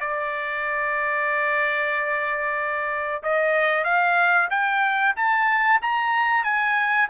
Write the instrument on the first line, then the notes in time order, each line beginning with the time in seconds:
trumpet
0.00 D5
3.23 D#5
3.84 F5
4.50 G5
5.16 A5
5.82 A#5
6.44 G#5